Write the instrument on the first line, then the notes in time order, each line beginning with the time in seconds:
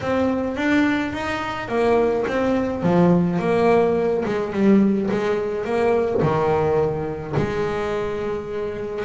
double bass
0.01 C4
0.56 D4
1.12 D#4
1.68 A#3
2.27 C4
2.83 F3
3.39 A#3
4.25 G#3
4.53 G3
5.10 G#3
5.64 A#3
6.22 D#3
7.36 G#3